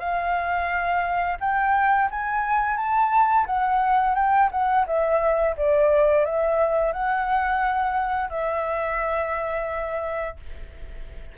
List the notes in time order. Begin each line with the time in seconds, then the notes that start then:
0.00 F5
1.40 G5
2.11 G#5
2.77 A5
3.46 F#5
4.15 G5
4.52 F#5
4.87 E5
5.57 D5
6.25 E5
6.93 F#5
8.30 E5